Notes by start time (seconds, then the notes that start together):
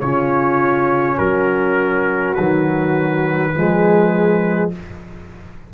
0.00 C#3 C#4 F4 C#5
1.18 F#3 F#4 A#4
2.34 D#3 F#3 B4
3.54 F3 G#3 G#4